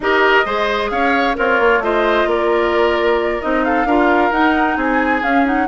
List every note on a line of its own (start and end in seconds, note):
0.00 0.44 D#4
0.00 0.45 G4
0.00 0.45 A#4
0.00 0.90 D#5
0.45 0.91 G#3
0.45 1.35 G#4
0.45 0.91 C5
0.90 1.36 C#4
0.90 1.37 C#5
0.90 1.35 F5
1.35 1.60 C4
1.35 1.83 F4
1.35 1.80 A#4
1.35 1.83 C#5
1.60 1.78 A#3
1.78 2.24 A3
1.78 3.41 F4
1.78 2.28 C5
1.78 2.28 D#5
2.26 3.39 A#3
2.26 3.65 A#4
2.26 3.41 D5
3.41 3.84 C4
3.41 3.87 D#4
3.41 3.64 D#5
3.64 3.86 A4
3.64 4.32 F5
3.84 4.30 D4
3.84 4.32 F4
3.84 4.76 A#4
4.30 4.76 D#4
4.30 5.23 D#4
4.30 4.77 F#5
4.76 5.21 C4
4.76 5.67 G#4
4.76 5.23 G#5
5.22 5.68 C#4
5.22 5.45 C#4
5.22 5.45 F5
5.45 5.68 D#4
5.45 5.68 F#5